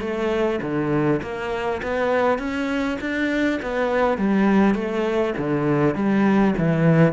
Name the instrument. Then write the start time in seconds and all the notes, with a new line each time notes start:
cello
0.00 A3
0.61 D3
1.22 A#3
1.82 B3
2.38 C#4
3.00 D4
3.62 B3
4.17 G3
4.74 A3
5.37 D3
5.94 G3
6.58 E3